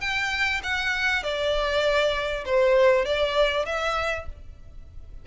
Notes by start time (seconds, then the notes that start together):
0.00 G5
0.63 F#5
1.23 D5
2.45 C5
3.05 D5
3.65 E5